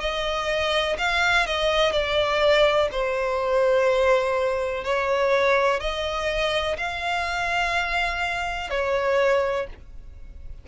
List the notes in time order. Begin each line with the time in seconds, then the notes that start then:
0.00 D#5
0.98 F5
1.46 D#5
1.92 D5
2.92 C5
4.84 C#5
5.80 D#5
6.77 F5
8.71 C#5